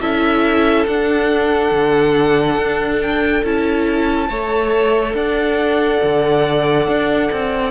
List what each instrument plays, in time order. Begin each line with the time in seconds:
0.00 cello C#4, viola E4, violin A4 E5
0.86 cello D4, viola D4, violin F#5
1.71 cello D3
2.57 cello D4
3.01 violin G5
3.43 cello C#4, viola E4, violin A5
4.29 cello A3, viola A4, violin C#5
5.13 cello D4, violin D5 F#5
6.03 cello D3
6.87 cello D4
7.31 cello C4